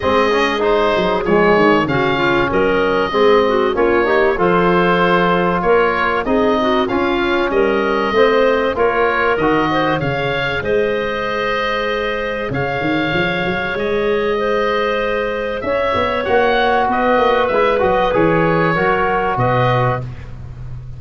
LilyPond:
<<
  \new Staff \with { instrumentName = "oboe" } { \time 4/4 \tempo 4 = 96 dis''4 c''4 cis''4 f''4 | dis''2 cis''4 c''4~ | c''4 cis''4 dis''4 f''4 | dis''2 cis''4 dis''4 |
f''4 dis''2. | f''2 dis''2~ | dis''4 e''4 fis''4 dis''4 | e''8 dis''8 cis''2 dis''4 | }
  \new Staff \with { instrumentName = "clarinet" } { \time 4/4 gis'2. fis'8 f'8 | ais'4 gis'8 fis'8 f'8 g'8 a'4~ | a'4 ais'4 gis'8 fis'8 f'4 | ais'4 c''4 ais'4. c''8 |
cis''4 c''2. | cis''2. c''4~ | c''4 cis''2 b'4~ | b'2 ais'4 b'4 | }
  \new Staff \with { instrumentName = "trombone" } { \time 4/4 c'8 cis'8 dis'4 gis4 cis'4~ | cis'4 c'4 cis'8 dis'8 f'4~ | f'2 dis'4 cis'4~ | cis'4 c'4 f'4 fis'4 |
gis'1~ | gis'1~ | gis'2 fis'2 | e'8 fis'8 gis'4 fis'2 | }
  \new Staff \with { instrumentName = "tuba" } { \time 4/4 gis4. fis8 f8 dis8 cis4 | fis4 gis4 ais4 f4~ | f4 ais4 c'4 cis'4 | g4 a4 ais4 dis4 |
cis4 gis2. | cis8 dis8 f8 fis8 gis2~ | gis4 cis'8 b8 ais4 b8 ais8 | gis8 fis8 e4 fis4 b,4 | }
>>